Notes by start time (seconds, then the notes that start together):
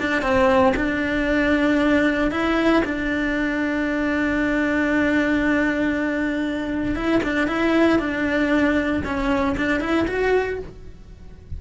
0.00 D4
0.22 C4
0.76 D4
2.31 E4
2.85 D4
6.95 E4
7.23 D4
7.48 E4
7.99 D4
9.04 C#4
9.57 D4
9.80 E4
10.07 F#4